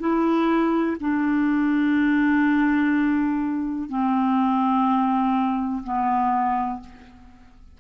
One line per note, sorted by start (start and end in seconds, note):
0.00 0.97 E4
1.00 3.89 D4
3.89 5.83 C4
5.84 6.80 B3